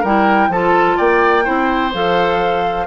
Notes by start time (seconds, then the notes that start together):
0.00 G3 E4 A#4 G5
0.48 F3 F4 A4 A5
0.97 A#3 D5 G5
1.43 C4 E4 C5
1.93 F3 A4 F5